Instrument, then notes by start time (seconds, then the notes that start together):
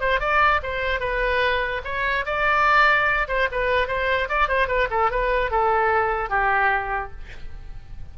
oboe
0.00 C5
0.20 D5
0.63 C5
1.00 B4
1.84 C#5
2.25 D5
3.28 C5
3.51 B4
3.88 C5
4.28 D5
4.48 C5
4.67 B4
4.90 A4
5.11 B4
5.51 A4
6.29 G4